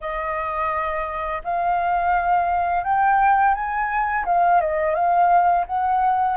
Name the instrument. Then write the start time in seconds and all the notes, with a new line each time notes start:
flute
0.00 D#5
1.43 F5
2.83 G5
3.54 G#5
4.25 F5
4.60 D#5
4.94 F5
5.66 F#5